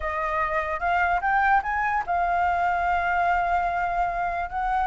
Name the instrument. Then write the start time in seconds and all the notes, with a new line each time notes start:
flute
0.00 D#5
0.79 F5
1.21 G5
1.63 G#5
2.06 F5
4.49 F#5